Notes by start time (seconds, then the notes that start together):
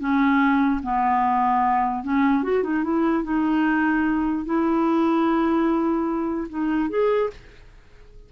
0.00 C#4
0.83 B3
2.04 C#4
2.43 F#4
2.63 D#4
2.84 E4
3.24 D#4
4.46 E4
6.49 D#4
6.90 G#4